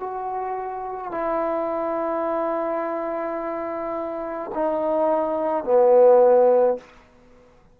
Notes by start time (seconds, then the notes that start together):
0.00 F#4
1.12 E4
4.54 D#4
5.64 B3